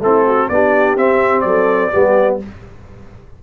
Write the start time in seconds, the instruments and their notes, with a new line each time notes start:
0.00 tuba A3, trombone C4, horn E4, trumpet A4
0.26 horn F#4
0.49 tuba B3, trombone D4, horn G4, trumpet D5
0.96 tuba C4, trombone C4, trumpet E5
1.41 tuba F#3, horn A4, trumpet D5
1.92 tuba G3, trombone B3, horn G4